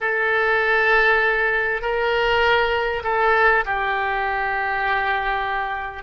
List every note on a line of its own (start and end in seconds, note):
0.00 1.81 A4
1.81 3.02 A#4
3.03 3.64 A4
3.65 6.03 G4